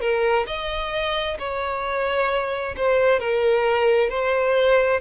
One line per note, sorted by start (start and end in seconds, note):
0.00 0.45 A#4
0.46 1.37 D#5
1.38 2.75 C#5
2.76 3.19 C5
3.19 4.09 A#4
4.09 5.00 C5